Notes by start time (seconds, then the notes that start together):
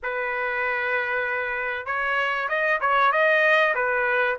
0.02 B4
1.86 C#5
2.48 D#5
2.80 C#5
3.12 D#5
3.74 B4